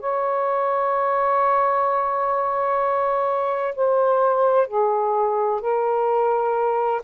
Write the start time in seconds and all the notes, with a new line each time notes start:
0.00 C#5
3.75 C5
4.67 G#4
5.61 A#4